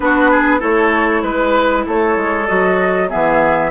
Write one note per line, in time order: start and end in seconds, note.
0.00 0.62 B3
0.00 0.59 D4
0.00 0.31 F#4
0.00 0.61 B4
0.31 0.59 G#4
0.59 1.23 A3
0.59 2.44 E4
0.59 1.21 A4
0.59 1.23 C#5
1.23 1.84 G#3
1.23 1.84 B4
1.23 1.85 B4
1.85 2.16 A3
1.85 3.09 A4
1.85 2.47 C#5
2.16 2.47 G#3
2.47 3.11 F#3
2.47 3.08 F#4
2.47 3.09 D#5
3.08 3.71 E3
3.08 3.70 B3
3.08 3.70 G#4
3.08 3.71 E5